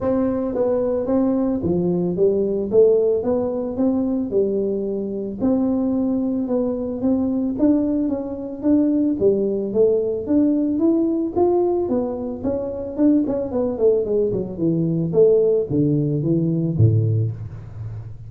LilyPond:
\new Staff \with { instrumentName = "tuba" } { \time 4/4 \tempo 4 = 111 c'4 b4 c'4 f4 | g4 a4 b4 c'4 | g2 c'2 | b4 c'4 d'4 cis'4 |
d'4 g4 a4 d'4 | e'4 f'4 b4 cis'4 | d'8 cis'8 b8 a8 gis8 fis8 e4 | a4 d4 e4 a,4 | }